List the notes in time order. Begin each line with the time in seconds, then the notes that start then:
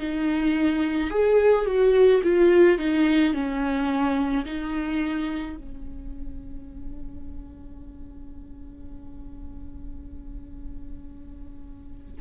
0.00 D#4
1.11 G#4
1.66 F#4
2.24 F4
2.79 D#4
3.34 C#4
4.45 D#4
5.57 C#4